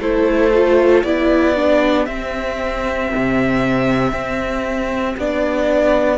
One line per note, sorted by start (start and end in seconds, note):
0.00 1.03 A3
0.00 0.53 E4
0.00 1.05 A4
0.00 1.03 C5
0.54 1.06 F4
1.03 2.07 B3
1.03 1.56 E4
1.03 6.18 G4
1.03 2.06 D5
1.56 2.08 D4
2.06 3.11 C4
2.06 5.18 C4
2.06 5.16 E5
3.16 4.12 C3
4.12 5.16 C4
5.17 6.18 B3
5.17 6.18 D4
5.17 6.18 D5